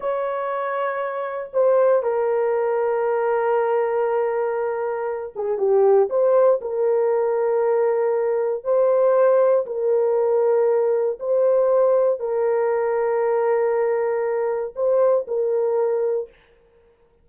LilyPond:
\new Staff \with { instrumentName = "horn" } { \time 4/4 \tempo 4 = 118 cis''2. c''4 | ais'1~ | ais'2~ ais'8 gis'8 g'4 | c''4 ais'2.~ |
ais'4 c''2 ais'4~ | ais'2 c''2 | ais'1~ | ais'4 c''4 ais'2 | }